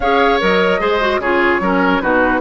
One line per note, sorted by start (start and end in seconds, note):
0.00 0.40 C#4
0.00 0.40 G#4
0.00 0.80 C#5
0.00 0.40 F5
0.40 0.80 F#3
0.40 0.79 A#4
0.40 1.21 D#5
0.79 1.19 G#3
0.79 0.99 G#4
0.79 1.20 C5
1.00 1.20 F#4
1.19 1.59 C#3
1.19 1.62 F4
1.19 1.60 G#4
1.19 2.01 C#5
1.60 2.00 F#3
1.60 2.02 C#4
1.60 2.02 A#4
2.01 2.40 B2
2.01 2.40 D#4
2.01 2.40 F#4
2.01 2.40 B4